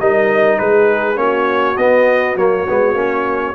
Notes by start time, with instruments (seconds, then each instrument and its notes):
0.00 tuba G3, trombone D#4, horn A#4, trumpet D#5
0.59 tuba G#3, horn G#4, trumpet B4
1.16 tuba A#3, trombone C#4, horn F#4, trumpet C#5
1.77 tuba B3, trombone B3, trumpet D#5
2.36 tuba F#3, trombone A#3, trumpet C#5
2.69 tuba G#3, trombone B3
2.94 tuba A#3, trombone C#4